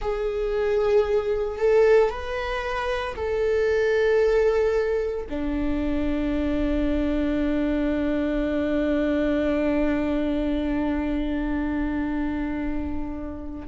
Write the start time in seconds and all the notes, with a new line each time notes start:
0.01 G#4
1.58 A4
2.10 B4
3.15 A4
5.29 D4